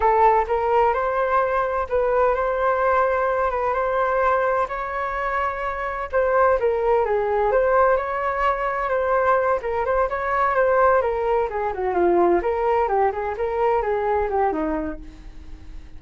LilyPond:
\new Staff \with { instrumentName = "flute" } { \time 4/4 \tempo 4 = 128 a'4 ais'4 c''2 | b'4 c''2~ c''8 b'8 | c''2 cis''2~ | cis''4 c''4 ais'4 gis'4 |
c''4 cis''2 c''4~ | c''8 ais'8 c''8 cis''4 c''4 ais'8~ | ais'8 gis'8 fis'8 f'4 ais'4 g'8 | gis'8 ais'4 gis'4 g'8 dis'4 | }